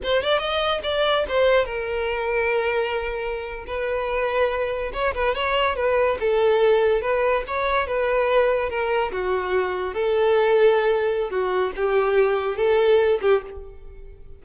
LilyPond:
\new Staff \with { instrumentName = "violin" } { \time 4/4 \tempo 4 = 143 c''8 d''8 dis''4 d''4 c''4 | ais'1~ | ais'8. b'2. cis''16~ | cis''16 b'8 cis''4 b'4 a'4~ a'16~ |
a'8. b'4 cis''4 b'4~ b'16~ | b'8. ais'4 fis'2 a'16~ | a'2. fis'4 | g'2 a'4. g'8 | }